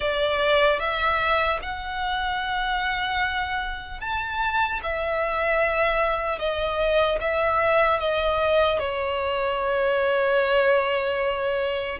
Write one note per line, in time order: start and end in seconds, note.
0.00 0.79 D5
0.79 1.59 E5
1.61 4.00 F#5
4.00 4.80 A5
4.82 6.38 E5
6.38 7.18 D#5
7.20 7.99 E5
7.99 8.79 D#5
8.79 11.99 C#5